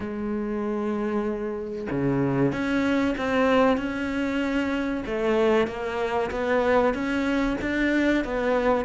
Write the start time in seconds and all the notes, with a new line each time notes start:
0.00 G#3
1.90 C#3
2.52 C#4
3.18 C4
3.77 C#4
5.06 A3
5.67 A#3
6.30 B3
6.93 C#4
7.61 D4
8.24 B3